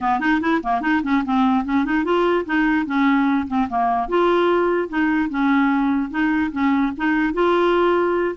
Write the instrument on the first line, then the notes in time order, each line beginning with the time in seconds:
clarinet
0.01 B3
0.20 D#4
0.40 E4
0.63 A#3
0.81 D#4
1.03 C#4
1.24 C4
1.64 C#4
1.84 D#4
2.04 F4
2.45 D#4
2.86 C#4
3.47 C4
3.69 A#3
4.08 F4
4.88 D#4
5.29 C#4
6.10 D#4
6.51 C#4
6.97 D#4
7.33 F4